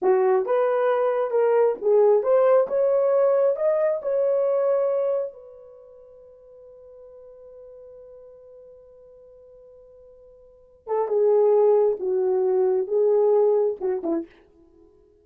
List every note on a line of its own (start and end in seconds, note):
0.01 0.45 F#4
0.45 1.31 B4
1.31 1.75 A#4
1.81 2.22 G#4
2.22 2.67 C5
2.67 3.56 C#5
3.56 4.00 D#5
4.02 5.32 C#5
5.32 10.87 B4
10.87 11.08 A4
11.08 11.97 G#4
11.99 12.87 F#4
12.87 13.76 G#4
13.80 14.02 F#4
14.03 14.25 E4